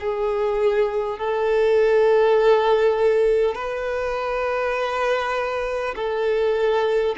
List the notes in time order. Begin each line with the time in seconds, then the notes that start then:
0.00 G#4
1.18 A4
3.55 B4
5.96 A4